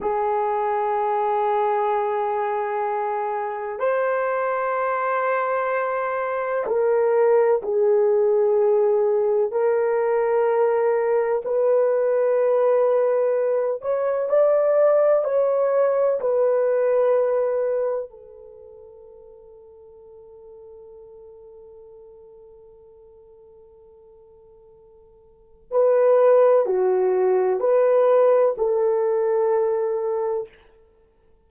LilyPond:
\new Staff \with { instrumentName = "horn" } { \time 4/4 \tempo 4 = 63 gis'1 | c''2. ais'4 | gis'2 ais'2 | b'2~ b'8 cis''8 d''4 |
cis''4 b'2 a'4~ | a'1~ | a'2. b'4 | fis'4 b'4 a'2 | }